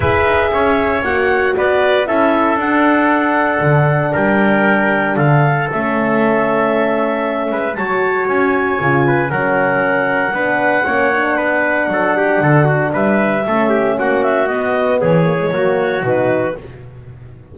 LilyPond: <<
  \new Staff \with { instrumentName = "clarinet" } { \time 4/4 \tempo 4 = 116 e''2 fis''4 d''4 | e''4 fis''2. | g''2 f''4 e''4~ | e''2. a''4 |
gis''2 fis''2~ | fis''1~ | fis''4 e''2 fis''8 e''8 | dis''4 cis''2 b'4 | }
  \new Staff \with { instrumentName = "trumpet" } { \time 4/4 b'4 cis''2 b'4 | a'1 | ais'2 a'2~ | a'2~ a'8 b'8 cis''4~ |
cis''4. b'8 ais'2 | b'4 cis''4 b'4 a'8 g'8 | a'8 fis'8 b'4 a'8 g'8 fis'4~ | fis'4 gis'4 fis'2 | }
  \new Staff \with { instrumentName = "horn" } { \time 4/4 gis'2 fis'2 | e'4 d'2.~ | d'2. cis'4~ | cis'2. fis'4~ |
fis'4 f'4 cis'2 | d'4 cis'8 d'2~ d'8~ | d'2 cis'2 | b4. ais16 gis16 ais4 dis'4 | }
  \new Staff \with { instrumentName = "double bass" } { \time 4/4 e'8 dis'8 cis'4 ais4 b4 | cis'4 d'2 d4 | g2 d4 a4~ | a2~ a8 gis8 fis4 |
cis'4 cis4 fis2 | b4 ais4 b4 fis4 | d4 g4 a4 ais4 | b4 e4 fis4 b,4 | }
>>